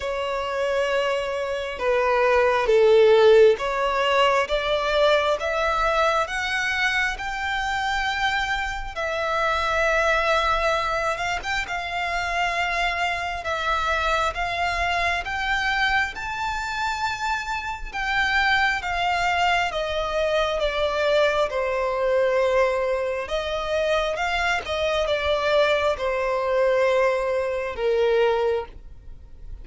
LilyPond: \new Staff \with { instrumentName = "violin" } { \time 4/4 \tempo 4 = 67 cis''2 b'4 a'4 | cis''4 d''4 e''4 fis''4 | g''2 e''2~ | e''8 f''16 g''16 f''2 e''4 |
f''4 g''4 a''2 | g''4 f''4 dis''4 d''4 | c''2 dis''4 f''8 dis''8 | d''4 c''2 ais'4 | }